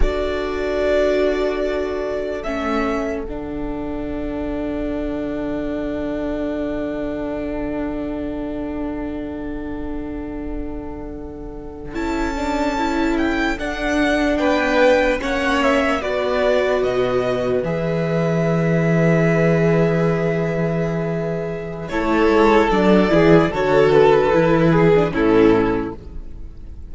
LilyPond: <<
  \new Staff \with { instrumentName = "violin" } { \time 4/4 \tempo 4 = 74 d''2. e''4 | fis''1~ | fis''1~ | fis''2~ fis''8. a''4~ a''16~ |
a''16 g''8 fis''4 g''4 fis''8 e''8 d''16~ | d''8. dis''4 e''2~ e''16~ | e''2. cis''4 | d''4 cis''8 b'4. a'4 | }
  \new Staff \with { instrumentName = "violin" } { \time 4/4 a'1~ | a'1~ | a'1~ | a'1~ |
a'4.~ a'16 b'4 cis''4 b'16~ | b'1~ | b'2. a'4~ | a'8 gis'8 a'4. gis'8 e'4 | }
  \new Staff \with { instrumentName = "viola" } { \time 4/4 fis'2. cis'4 | d'1~ | d'1~ | d'2~ d'8. e'8 d'8 e'16~ |
e'8. d'2 cis'4 fis'16~ | fis'4.~ fis'16 gis'2~ gis'16~ | gis'2. e'4 | d'8 e'8 fis'4 e'8. d'16 cis'4 | }
  \new Staff \with { instrumentName = "cello" } { \time 4/4 d'2. a4 | d1~ | d1~ | d2~ d8. cis'4~ cis'16~ |
cis'8. d'4 b4 ais4 b16~ | b8. b,4 e2~ e16~ | e2. a8 gis8 | fis8 e8 d4 e4 a,4 | }
>>